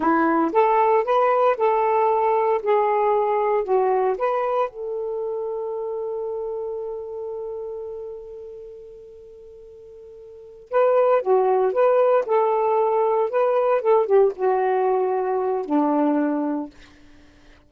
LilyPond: \new Staff \with { instrumentName = "saxophone" } { \time 4/4 \tempo 4 = 115 e'4 a'4 b'4 a'4~ | a'4 gis'2 fis'4 | b'4 a'2.~ | a'1~ |
a'1~ | a'8 b'4 fis'4 b'4 a'8~ | a'4. b'4 a'8 g'8 fis'8~ | fis'2 d'2 | }